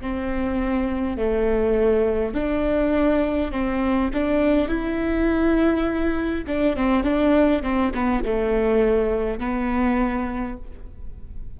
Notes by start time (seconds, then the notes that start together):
0.00 C4
1.17 A3
2.34 D4
3.51 C4
4.13 D4
4.68 E4
6.47 D4
6.76 C4
7.03 D4
7.63 C4
7.94 B3
8.25 A3
9.39 B3